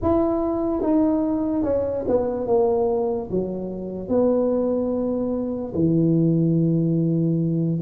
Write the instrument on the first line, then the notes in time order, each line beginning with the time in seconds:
tuba
0.02 E4
0.81 D#4
1.63 C#4
2.07 B3
2.47 A#3
3.30 F#3
4.08 B3
5.74 E3